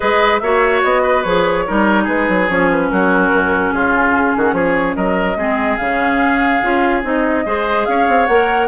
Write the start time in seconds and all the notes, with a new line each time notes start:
0.00 G#3 G#4 B4 D#5
0.39 A#3 F#4 C#5 E5
0.83 B3 D#5
1.02 B4
1.22 F3 G#4 C#5
1.66 G3 D#4 A#4
2.03 G#3 G#4 B4
2.28 F#3
2.48 F3 C#4 C#5
2.71 B4
2.90 F#3 F#4 A#4
3.31 F#2
3.72 C#3 F4 G#4
4.37 D#3 F#4
4.52 F3 G#4 C#5
4.95 F#3 A#4 D#5
5.36 G#3 C4 G#4
5.77 C#3 C#4 F5
6.62 C#4 F4
7.03 C4 D#4 D#5
7.45 G#3 G#4 C5
7.85 C#4 C#5 F5
8.08 C4
8.26 A#3 A#4 F#5